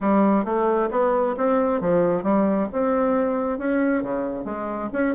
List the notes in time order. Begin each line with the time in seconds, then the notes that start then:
0.00 G3
0.44 A3
0.91 B3
1.37 C4
1.80 F3
2.23 G3
2.72 C4
3.58 C#4
4.02 C#3
4.45 G#3
4.92 C#4